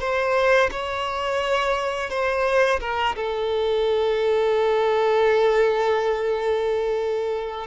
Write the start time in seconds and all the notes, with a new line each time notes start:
0.00 C5
0.71 C#5
2.10 C5
2.80 A#4
3.16 A4